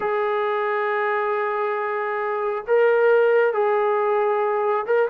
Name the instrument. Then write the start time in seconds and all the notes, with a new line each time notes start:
trombone
0.00 G#4
2.67 A#4
3.53 G#4
4.86 A#4